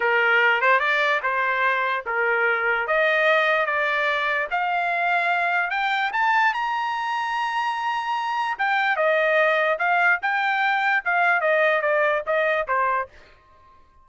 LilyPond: \new Staff \with { instrumentName = "trumpet" } { \time 4/4 \tempo 4 = 147 ais'4. c''8 d''4 c''4~ | c''4 ais'2 dis''4~ | dis''4 d''2 f''4~ | f''2 g''4 a''4 |
ais''1~ | ais''4 g''4 dis''2 | f''4 g''2 f''4 | dis''4 d''4 dis''4 c''4 | }